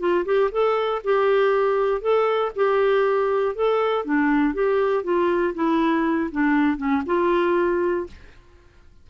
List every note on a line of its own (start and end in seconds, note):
0.00 0.25 F4
0.26 0.51 G4
0.52 1.02 A4
1.05 2.02 G4
2.02 2.52 A4
2.56 3.55 G4
3.55 4.05 A4
4.05 4.54 D4
4.54 5.04 G4
5.04 5.55 F4
5.55 6.30 E4
6.32 6.78 D4
6.78 7.03 C#4
7.07 8.07 F4